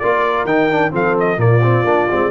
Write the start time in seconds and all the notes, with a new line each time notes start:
0.00 A#3 F4 A#4 D5
0.45 D#3 D#4 G5
0.71 D4
0.92 F3 C4 A4 F5
1.20 D#5
1.37 A#2 A#3 F4 D5
1.63 C4
1.84 A#3 D4
2.11 G#3 C4